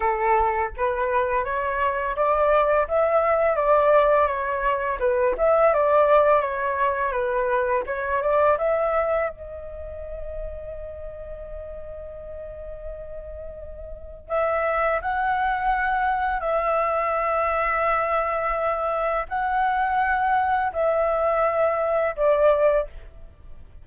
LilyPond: \new Staff \with { instrumentName = "flute" } { \time 4/4 \tempo 4 = 84 a'4 b'4 cis''4 d''4 | e''4 d''4 cis''4 b'8 e''8 | d''4 cis''4 b'4 cis''8 d''8 | e''4 dis''2.~ |
dis''1 | e''4 fis''2 e''4~ | e''2. fis''4~ | fis''4 e''2 d''4 | }